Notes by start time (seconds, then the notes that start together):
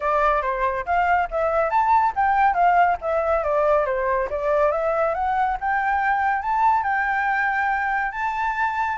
0.00 D5
0.42 C5
0.85 F5
1.30 E5
1.70 A5
2.15 G5
2.53 F5
3.01 E5
3.43 D5
3.85 C5
4.30 D5
4.71 E5
5.14 F#5
5.60 G5
6.41 A5
6.83 G5
8.11 A5